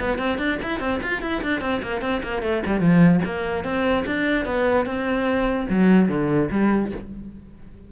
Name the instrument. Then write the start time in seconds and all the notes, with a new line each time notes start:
cello
0.00 B3
0.18 C4
0.38 D4
0.63 E4
0.80 C4
1.03 F4
1.22 E4
1.43 D4
1.61 C4
1.83 A#3
2.02 C4
2.23 A#3
2.42 A3
2.66 G3
2.80 F3
3.25 A#3
3.64 C4
4.06 D4
4.45 B3
4.86 C4
5.70 F#3
6.09 D3
6.51 G3